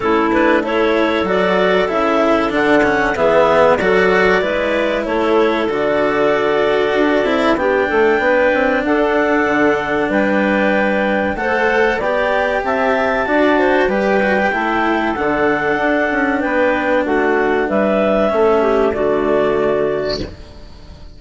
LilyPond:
<<
  \new Staff \with { instrumentName = "clarinet" } { \time 4/4 \tempo 4 = 95 a'8 b'8 cis''4 d''4 e''4 | fis''4 e''4 d''2 | cis''4 d''2. | g''2 fis''2 |
g''2 fis''4 g''4 | a''2 g''2 | fis''2 g''4 fis''4 | e''2 d''2 | }
  \new Staff \with { instrumentName = "clarinet" } { \time 4/4 e'4 a'2.~ | a'4 gis'4 a'4 b'4 | a'1 | g'8 a'8 b'4 a'2 |
b'2 c''4 d''4 | e''4 d''8 c''8 b'4 a'4~ | a'2 b'4 fis'4 | b'4 a'8 g'8 fis'2 | }
  \new Staff \with { instrumentName = "cello" } { \time 4/4 cis'8 d'8 e'4 fis'4 e'4 | d'8 cis'8 b4 fis'4 e'4~ | e'4 fis'2~ fis'8 e'8 | d'1~ |
d'2 a'4 g'4~ | g'4 fis'4 g'8 fis'16 g'16 e'4 | d'1~ | d'4 cis'4 a2 | }
  \new Staff \with { instrumentName = "bassoon" } { \time 4/4 a2 fis4 cis4 | d4 e4 fis4 gis4 | a4 d2 d'8 c'8 | b8 a8 b8 c'8 d'4 d4 |
g2 a4 b4 | c'4 d'4 g4 a4 | d4 d'8 cis'8 b4 a4 | g4 a4 d2 | }
>>